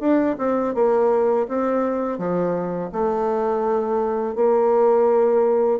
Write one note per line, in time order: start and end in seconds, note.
0.00 0.36 D4
0.38 0.75 C4
0.75 1.47 A#3
1.49 2.19 C4
2.19 2.91 F3
2.92 4.36 A3
4.36 5.80 A#3